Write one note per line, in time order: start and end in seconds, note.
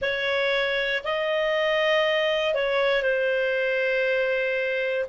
0.01 1.03 C#5
1.04 2.54 D#5
2.54 3.02 C#5
3.02 5.05 C5